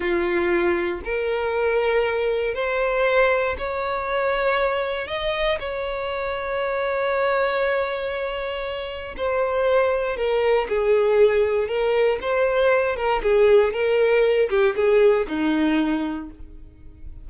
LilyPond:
\new Staff \with { instrumentName = "violin" } { \time 4/4 \tempo 4 = 118 f'2 ais'2~ | ais'4 c''2 cis''4~ | cis''2 dis''4 cis''4~ | cis''1~ |
cis''2 c''2 | ais'4 gis'2 ais'4 | c''4. ais'8 gis'4 ais'4~ | ais'8 g'8 gis'4 dis'2 | }